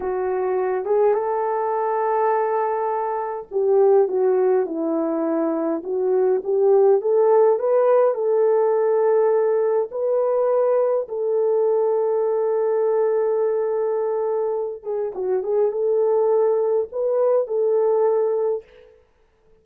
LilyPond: \new Staff \with { instrumentName = "horn" } { \time 4/4 \tempo 4 = 103 fis'4. gis'8 a'2~ | a'2 g'4 fis'4 | e'2 fis'4 g'4 | a'4 b'4 a'2~ |
a'4 b'2 a'4~ | a'1~ | a'4. gis'8 fis'8 gis'8 a'4~ | a'4 b'4 a'2 | }